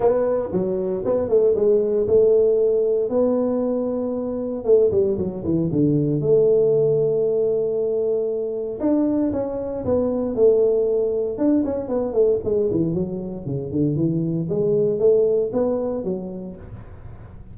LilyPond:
\new Staff \with { instrumentName = "tuba" } { \time 4/4 \tempo 4 = 116 b4 fis4 b8 a8 gis4 | a2 b2~ | b4 a8 g8 fis8 e8 d4 | a1~ |
a4 d'4 cis'4 b4 | a2 d'8 cis'8 b8 a8 | gis8 e8 fis4 cis8 d8 e4 | gis4 a4 b4 fis4 | }